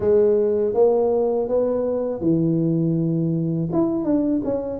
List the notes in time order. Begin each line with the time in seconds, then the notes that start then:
0.00 G#3
0.74 A#3
1.48 B3
2.21 E3
3.72 E4
4.04 D4
4.44 C#4